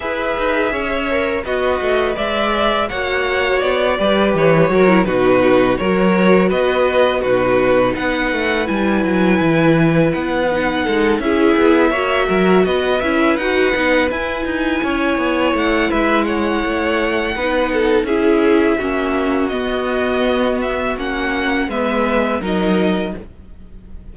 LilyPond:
<<
  \new Staff \with { instrumentName = "violin" } { \time 4/4 \tempo 4 = 83 e''2 dis''4 e''4 | fis''4 d''4 cis''4 b'4 | cis''4 dis''4 b'4 fis''4 | gis''2 fis''4. e''8~ |
e''4. dis''8 e''8 fis''4 gis''8~ | gis''4. fis''8 e''8 fis''4.~ | fis''4 e''2 dis''4~ | dis''8 e''8 fis''4 e''4 dis''4 | }
  \new Staff \with { instrumentName = "violin" } { \time 4/4 b'4 cis''4 fis'4 d''4 | cis''4. b'4 ais'8 fis'4 | ais'4 b'4 fis'4 b'4~ | b'2. a'8 gis'8~ |
gis'8 cis''8 ais'8 b'2~ b'8~ | b'8 cis''4. b'8 cis''4. | b'8 a'8 gis'4 fis'2~ | fis'2 b'4 ais'4 | }
  \new Staff \with { instrumentName = "viola" } { \time 4/4 gis'4. ais'8 b'2 | fis'4. g'4 fis'16 e'16 dis'4 | fis'2 dis'2 | e'2~ e'8 dis'4 e'8~ |
e'8 fis'4. e'8 fis'8 dis'8 e'8~ | e'1 | dis'4 e'4 cis'4 b4~ | b4 cis'4 b4 dis'4 | }
  \new Staff \with { instrumentName = "cello" } { \time 4/4 e'8 dis'8 cis'4 b8 a8 gis4 | ais4 b8 g8 e8 fis8 b,4 | fis4 b4 b,4 b8 a8 | g8 fis8 e4 b4 gis8 cis'8 |
b8 ais8 fis8 b8 cis'8 dis'8 b8 e'8 | dis'8 cis'8 b8 a8 gis4 a4 | b4 cis'4 ais4 b4~ | b4 ais4 gis4 fis4 | }
>>